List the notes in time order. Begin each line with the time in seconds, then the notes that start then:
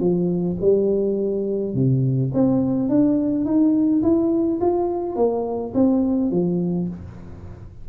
0.00 F3
0.61 G3
1.74 C3
2.34 C4
2.89 D4
3.45 D#4
4.03 E4
4.61 F4
5.16 A#3
5.74 C4
6.31 F3